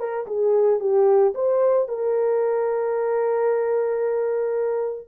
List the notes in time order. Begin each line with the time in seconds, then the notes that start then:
0.00 A#4
0.27 G#4
0.80 G4
1.35 C5
1.88 A#4